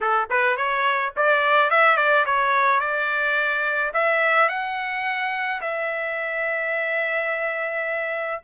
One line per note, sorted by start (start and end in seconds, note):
0.00 0.28 A4
0.30 0.57 B4
0.57 1.13 C#5
1.16 1.70 D5
1.70 1.96 E5
1.96 2.24 D5
2.25 2.80 C#5
2.80 3.92 D5
3.93 4.48 E5
4.48 5.60 F#5
5.61 8.41 E5